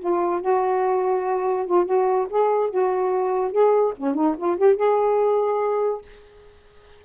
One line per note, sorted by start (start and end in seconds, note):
0.00 0.42 F4
0.42 1.66 F#4
1.66 1.86 F4
1.86 2.28 F#4
2.30 2.71 G#4
2.71 3.52 F#4
3.52 3.94 G#4
3.98 4.15 C#4
4.15 4.36 D#4
4.38 4.58 F4
4.58 4.77 G4
4.77 6.02 G#4